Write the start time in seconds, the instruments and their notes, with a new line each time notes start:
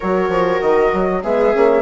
0.00 bassoon F#3, horn F#4, viola A#4, flute C#5
0.29 bassoon F3
0.61 bassoon D#3, flute D#5
0.93 bassoon F#3
1.22 bassoon G#3, horn B3, viola G#4, flute E5
1.53 bassoon A#3, horn C#4